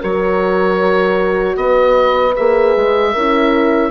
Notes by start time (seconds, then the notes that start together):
0.00 F#3 F#4 A#4 C#5
1.56 B3 B4 D#5
2.36 A#3 G#4 E5
2.75 G#3
3.12 C#4 E4 A#4